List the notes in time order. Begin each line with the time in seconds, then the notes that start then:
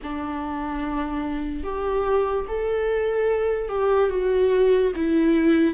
0.02 D4
1.63 G4
2.48 A4
3.68 G4
4.09 F#4
4.95 E4